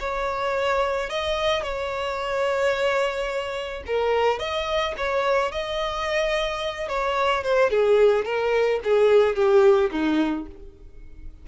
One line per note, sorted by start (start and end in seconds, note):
0.00 1.10 C#5
1.10 1.63 D#5
1.63 3.84 C#5
3.87 4.40 A#4
4.40 4.95 D#5
4.97 5.52 C#5
5.52 6.89 D#5
6.89 7.44 C#5
7.44 7.71 C5
7.71 8.25 G#4
8.25 8.80 A#4
8.84 9.36 G#4
9.36 9.91 G4
9.92 10.47 D#4